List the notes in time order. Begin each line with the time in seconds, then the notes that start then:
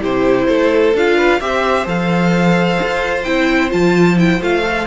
0.00 C3 E4 G4 C5
0.47 A3 A4
0.93 D4 F4 F5
1.17 B4
1.40 C4 G4 C5 E5
1.85 F3 A4 F5
2.83 F4
3.23 C4 E4 G5
3.70 F3 F4 A5
4.17 E4 G5
4.41 A3 F4 F5
4.63 A4